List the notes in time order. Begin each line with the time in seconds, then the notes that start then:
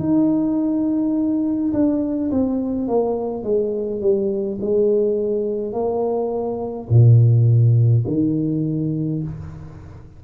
0.00 D#4
1.73 D4
2.31 C4
2.88 A#3
3.44 G#3
4.01 G3
4.62 G#3
5.73 A#3
6.90 A#2
8.08 D#3